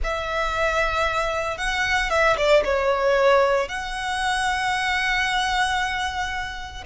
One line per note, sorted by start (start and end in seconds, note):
0.03 1.57 E5
1.57 2.10 F#5
2.10 2.36 E5
2.37 2.63 D5
2.64 3.68 C#5
3.68 6.84 F#5